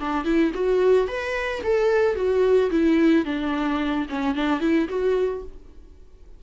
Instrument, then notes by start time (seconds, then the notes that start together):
viola
0.00 D4
0.25 E4
0.54 F#4
1.08 B4
1.63 A4
2.15 F#4
2.70 E4
3.25 D4
4.09 C#4
4.35 D4
4.60 E4
4.88 F#4